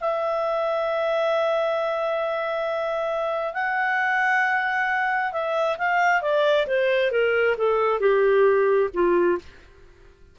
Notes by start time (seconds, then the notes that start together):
0.00 E5
3.53 F#5
5.32 E5
5.78 F5
6.21 D5
6.67 C5
7.11 A#4
7.57 A4
8.00 G4
8.93 F4